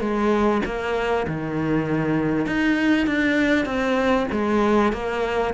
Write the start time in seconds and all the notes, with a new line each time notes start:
0.00 G#3
0.66 A#3
1.27 D#3
2.46 D#4
3.07 D4
3.66 C4
4.32 G#3
4.93 A#3